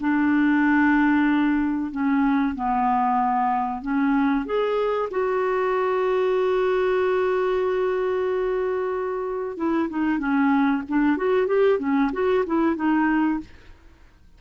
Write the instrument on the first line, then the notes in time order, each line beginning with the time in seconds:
clarinet
0.00 D4
1.91 C#4
2.55 B3
3.82 C#4
4.45 G#4
5.10 F#4
9.57 E4
9.89 D#4
10.19 C#4
10.89 D4
11.17 F#4
11.47 G4
11.79 C#4
12.12 F#4
12.46 E4
12.76 D#4